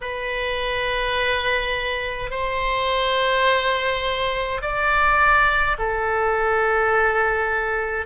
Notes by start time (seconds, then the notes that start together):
0.01 B4
2.30 C5
4.61 D5
5.78 A4